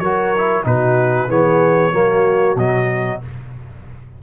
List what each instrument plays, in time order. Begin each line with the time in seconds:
0.00 tuba F#3, trombone F#4, horn A#4, trumpet C#5
0.38 trombone E4
0.64 tuba B2, trombone D#4, horn F#4, trumpet B4
1.29 tuba E3, trombone B3, horn G#4, trumpet C#5
1.93 tuba F#3, trombone A#3, horn F#4
2.56 tuba B2, trombone F#3, trumpet D#5